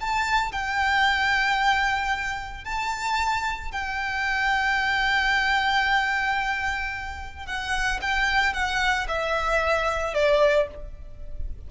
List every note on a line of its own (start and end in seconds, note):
0.00 0.52 A5
0.52 2.64 G5
2.64 3.71 A5
3.71 7.46 G5
7.46 8.00 F#5
8.01 8.53 G5
8.53 9.07 F#5
9.08 10.14 E5
10.14 10.67 D5